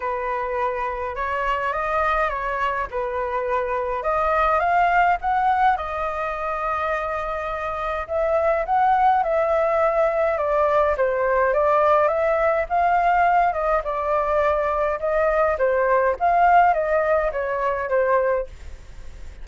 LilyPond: \new Staff \with { instrumentName = "flute" } { \time 4/4 \tempo 4 = 104 b'2 cis''4 dis''4 | cis''4 b'2 dis''4 | f''4 fis''4 dis''2~ | dis''2 e''4 fis''4 |
e''2 d''4 c''4 | d''4 e''4 f''4. dis''8 | d''2 dis''4 c''4 | f''4 dis''4 cis''4 c''4 | }